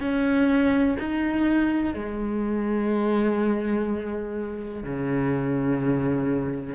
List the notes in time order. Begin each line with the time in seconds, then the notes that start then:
0.00 C#4
0.99 D#4
1.93 G#3
4.83 C#3